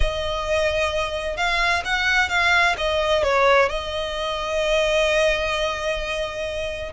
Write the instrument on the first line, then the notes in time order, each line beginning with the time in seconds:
violin
0.00 D#5
1.36 F5
1.84 F#5
2.29 F5
2.77 D#5
3.23 C#5
3.69 D#5